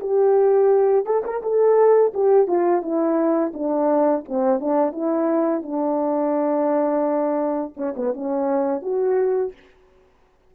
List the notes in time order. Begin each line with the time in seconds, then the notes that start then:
0.00 G4
1.06 A4
1.24 A#4
1.42 A4
2.14 G4
2.47 F4
2.82 E4
3.54 D4
4.29 C4
4.60 D4
4.92 E4
5.62 D4
7.77 C#4
7.96 B3
8.14 C#4
8.82 F#4